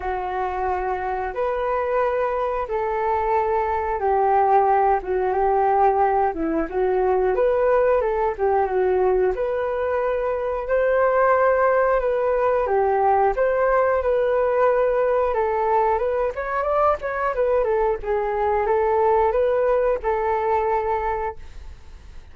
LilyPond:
\new Staff \with { instrumentName = "flute" } { \time 4/4 \tempo 4 = 90 fis'2 b'2 | a'2 g'4. fis'8 | g'4. e'8 fis'4 b'4 | a'8 g'8 fis'4 b'2 |
c''2 b'4 g'4 | c''4 b'2 a'4 | b'8 cis''8 d''8 cis''8 b'8 a'8 gis'4 | a'4 b'4 a'2 | }